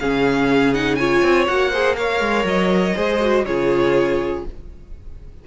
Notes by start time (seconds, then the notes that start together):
0.00 C#3 C#4 G#4 F5
0.74 D#4 F#5
0.96 F4 C#5 G#5
1.23 C4
1.47 A#3 F#4 F#5
1.71 G#4 C5
1.96 A#4 C#5 F5
2.21 G#3
2.45 F#3 D#5
2.96 G#3 G#4 C5
3.21 F#4
3.46 C#3 F4 G#4 C#5